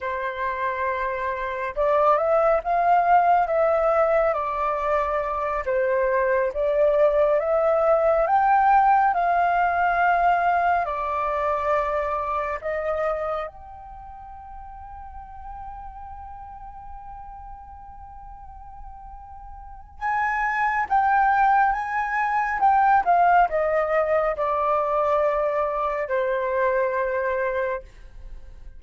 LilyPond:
\new Staff \with { instrumentName = "flute" } { \time 4/4 \tempo 4 = 69 c''2 d''8 e''8 f''4 | e''4 d''4. c''4 d''8~ | d''8 e''4 g''4 f''4.~ | f''8 d''2 dis''4 g''8~ |
g''1~ | g''2. gis''4 | g''4 gis''4 g''8 f''8 dis''4 | d''2 c''2 | }